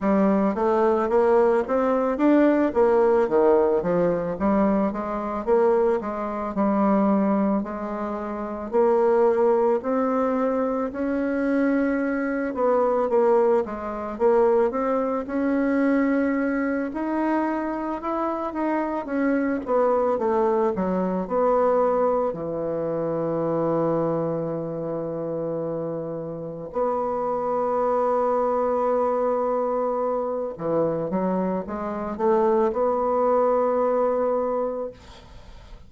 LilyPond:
\new Staff \with { instrumentName = "bassoon" } { \time 4/4 \tempo 4 = 55 g8 a8 ais8 c'8 d'8 ais8 dis8 f8 | g8 gis8 ais8 gis8 g4 gis4 | ais4 c'4 cis'4. b8 | ais8 gis8 ais8 c'8 cis'4. dis'8~ |
dis'8 e'8 dis'8 cis'8 b8 a8 fis8 b8~ | b8 e2.~ e8~ | e8 b2.~ b8 | e8 fis8 gis8 a8 b2 | }